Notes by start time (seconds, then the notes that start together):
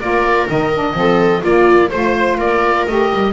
0.00 A#3 F4 A#4 D5
0.47 D#3 D#4 D#5
0.74 D4
0.94 F3 C4 A4
1.41 A#3 F4 D5
1.89 A3 F4 C5
2.37 A#3 A#4 D5
2.86 A3 G4 D#5
3.13 G3